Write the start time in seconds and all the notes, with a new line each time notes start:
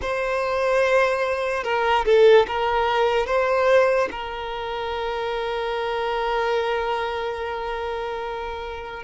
0.01 C5
1.63 A#4
2.05 A4
2.47 A#4
3.26 C5
4.11 A#4